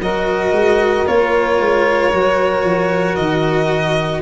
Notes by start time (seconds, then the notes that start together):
0.00 F#3 F#4 A#4 D#5
0.52 G#3
1.06 A#3 F4 C#5
1.60 G#3
2.12 F#3 F#4
2.64 F3
3.15 D#3 D#5